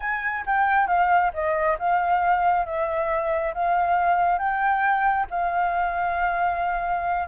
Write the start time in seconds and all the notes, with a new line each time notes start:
0.00 G#5
0.46 G5
0.87 F5
1.33 D#5
1.78 F5
2.65 E5
3.54 F5
4.38 G5
5.30 F5